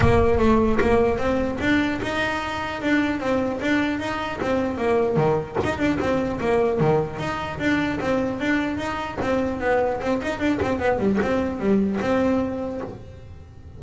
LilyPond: \new Staff \with { instrumentName = "double bass" } { \time 4/4 \tempo 4 = 150 ais4 a4 ais4 c'4 | d'4 dis'2 d'4 | c'4 d'4 dis'4 c'4 | ais4 dis4 dis'8 d'8 c'4 |
ais4 dis4 dis'4 d'4 | c'4 d'4 dis'4 c'4 | b4 c'8 dis'8 d'8 c'8 b8 g8 | c'4 g4 c'2 | }